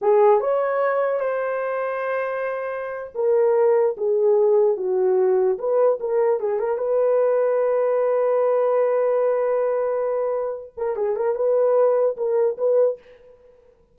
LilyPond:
\new Staff \with { instrumentName = "horn" } { \time 4/4 \tempo 4 = 148 gis'4 cis''2 c''4~ | c''2.~ c''8. ais'16~ | ais'4.~ ais'16 gis'2 fis'16~ | fis'4.~ fis'16 b'4 ais'4 gis'16~ |
gis'16 ais'8 b'2.~ b'16~ | b'1~ | b'2~ b'8 ais'8 gis'8 ais'8 | b'2 ais'4 b'4 | }